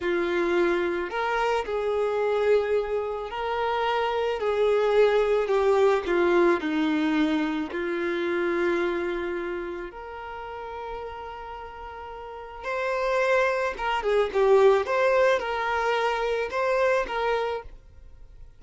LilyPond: \new Staff \with { instrumentName = "violin" } { \time 4/4 \tempo 4 = 109 f'2 ais'4 gis'4~ | gis'2 ais'2 | gis'2 g'4 f'4 | dis'2 f'2~ |
f'2 ais'2~ | ais'2. c''4~ | c''4 ais'8 gis'8 g'4 c''4 | ais'2 c''4 ais'4 | }